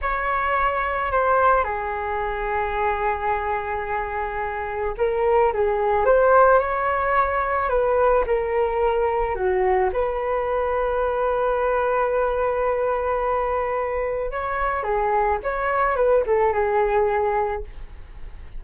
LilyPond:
\new Staff \with { instrumentName = "flute" } { \time 4/4 \tempo 4 = 109 cis''2 c''4 gis'4~ | gis'1~ | gis'4 ais'4 gis'4 c''4 | cis''2 b'4 ais'4~ |
ais'4 fis'4 b'2~ | b'1~ | b'2 cis''4 gis'4 | cis''4 b'8 a'8 gis'2 | }